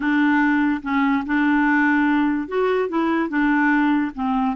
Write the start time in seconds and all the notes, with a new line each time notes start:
0.00 D4
0.82 C#4
1.26 D4
2.48 F#4
2.88 E4
3.29 D4
4.14 C4